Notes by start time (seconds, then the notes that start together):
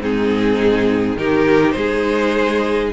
0.00 G#2 C4 D#4 G#4
1.17 D#3 D#4 G4 A#4
1.72 G#3 G#4 C5